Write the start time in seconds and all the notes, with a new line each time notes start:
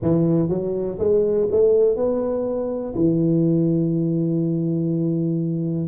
0.02 E3
0.49 F#3
0.98 G#3
1.51 A3
1.96 B3
2.95 E3